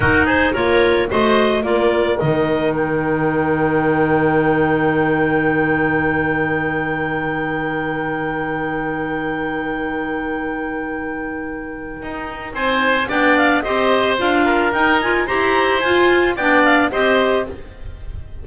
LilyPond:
<<
  \new Staff \with { instrumentName = "clarinet" } { \time 4/4 \tempo 4 = 110 ais'8 c''8 cis''4 dis''4 d''4 | dis''4 g''2.~ | g''1~ | g''1~ |
g''1~ | g''2. gis''4 | g''8 f''8 dis''4 f''4 g''8 gis''8 | ais''4 gis''4 g''8 f''8 dis''4 | }
  \new Staff \with { instrumentName = "oboe" } { \time 4/4 fis'8 gis'8 ais'4 c''4 ais'4~ | ais'1~ | ais'1~ | ais'1~ |
ais'1~ | ais'2. c''4 | d''4 c''4. ais'4. | c''2 d''4 c''4 | }
  \new Staff \with { instrumentName = "clarinet" } { \time 4/4 dis'4 f'4 fis'4 f'4 | dis'1~ | dis'1~ | dis'1~ |
dis'1~ | dis'1 | d'4 g'4 f'4 dis'8 f'8 | g'4 f'4 d'4 g'4 | }
  \new Staff \with { instrumentName = "double bass" } { \time 4/4 dis'4 ais4 a4 ais4 | dis1~ | dis1~ | dis1~ |
dis1~ | dis2 dis'4 c'4 | b4 c'4 d'4 dis'4 | e'4 f'4 b4 c'4 | }
>>